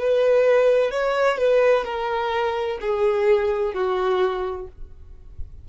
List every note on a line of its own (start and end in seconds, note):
0.00 0.92 B4
0.92 1.38 C#5
1.38 1.85 B4
1.85 2.79 A#4
2.82 3.74 G#4
3.74 4.68 F#4